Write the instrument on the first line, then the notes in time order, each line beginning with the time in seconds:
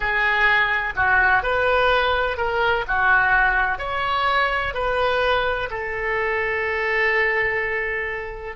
oboe
0.00 G#4
0.96 F#4
1.42 B4
2.37 A#4
2.87 F#4
3.78 C#5
4.74 B4
5.70 A4